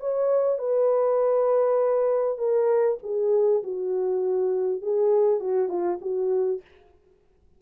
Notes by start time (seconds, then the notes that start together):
0.00 C#5
0.58 B4
2.38 A#4
3.03 G#4
3.63 F#4
4.82 G#4
5.40 F#4
5.69 F4
6.01 F#4